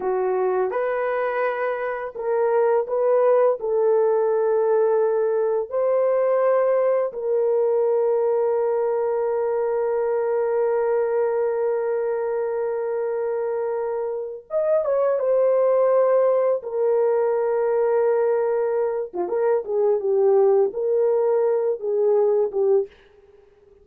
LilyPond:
\new Staff \with { instrumentName = "horn" } { \time 4/4 \tempo 4 = 84 fis'4 b'2 ais'4 | b'4 a'2. | c''2 ais'2~ | ais'1~ |
ais'1~ | ais'16 dis''8 cis''8 c''2 ais'8.~ | ais'2~ ais'8. f'16 ais'8 gis'8 | g'4 ais'4. gis'4 g'8 | }